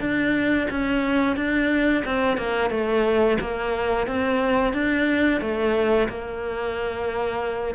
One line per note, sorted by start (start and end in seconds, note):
0.00 0.67 D4
0.70 1.36 C#4
1.36 2.03 D4
2.05 2.37 C4
2.37 2.70 A#3
2.70 3.37 A3
3.40 4.07 A#3
4.07 4.73 C4
4.73 5.41 D4
5.41 6.08 A3
6.08 7.75 A#3